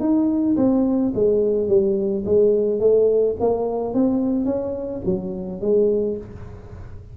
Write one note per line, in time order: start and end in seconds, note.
0.00 0.56 D#4
0.56 1.12 C4
1.15 1.68 G#3
1.68 2.24 G3
2.25 2.80 G#3
2.80 3.36 A3
3.40 3.94 A#3
3.94 4.45 C4
4.45 5.01 C#4
5.05 5.61 F#3
5.61 6.17 G#3